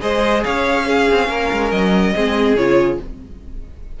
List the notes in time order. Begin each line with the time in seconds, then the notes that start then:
0.00 G#3 G#4 C5 D#5
0.43 C#4 C#5 F5
0.86 C#4 G#4
1.10 C4
1.28 A#3 A#4
1.52 G#3
1.71 F#3 D#5
2.14 G#3 C4 G#4
2.55 C#3 F4 C#5